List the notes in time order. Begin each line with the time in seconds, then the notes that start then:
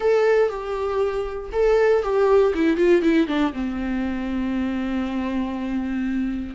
0.00 A4
0.49 G4
1.52 A4
2.02 G4
2.54 E4
2.77 F4
3.02 E4
3.27 D4
3.53 C4